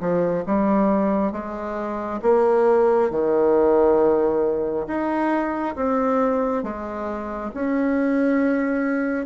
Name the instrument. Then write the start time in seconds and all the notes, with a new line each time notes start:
bassoon
0.00 F3
0.46 G3
1.32 G#3
2.22 A#3
3.10 D#3
4.87 D#4
5.76 C4
6.63 G#3
7.54 C#4